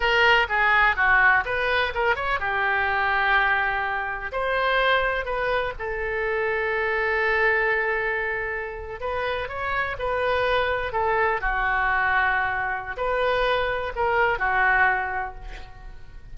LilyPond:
\new Staff \with { instrumentName = "oboe" } { \time 4/4 \tempo 4 = 125 ais'4 gis'4 fis'4 b'4 | ais'8 cis''8 g'2.~ | g'4 c''2 b'4 | a'1~ |
a'2~ a'8. b'4 cis''16~ | cis''8. b'2 a'4 fis'16~ | fis'2. b'4~ | b'4 ais'4 fis'2 | }